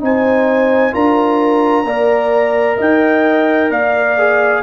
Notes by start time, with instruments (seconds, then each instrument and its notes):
0.00 tuba C4, trombone D#4, horn C5, trumpet G#5
0.92 tuba D4, trombone F4, horn A#4, trumpet A#5
1.84 tuba A#3, trombone A#4, horn D5
2.78 tuba D#4, horn D#5, trumpet G5
3.70 tuba A#3, horn D5, trumpet F5
4.18 trombone G#4